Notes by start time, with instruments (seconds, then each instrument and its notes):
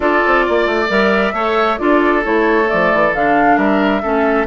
0.00 bassoon D4, clarinet F4, oboe A4, flute D5
0.26 bassoon C4
0.45 bassoon A#3, oboe D5
0.66 bassoon A3
0.88 bassoon G3, clarinet A#4, flute E5
1.32 bassoon A3, clarinet A4, oboe C#5
1.78 bassoon D4, clarinet F4, oboe A4, flute D5
2.23 bassoon A3, clarinet E4, flute C#5
2.64 clarinet A3, flute D5
2.72 bassoon F3
2.93 bassoon E3
3.14 bassoon D3, clarinet D4, flute F5
3.56 bassoon G3, oboe A#4, flute E5
4.02 bassoon A3, clarinet C#4, oboe A4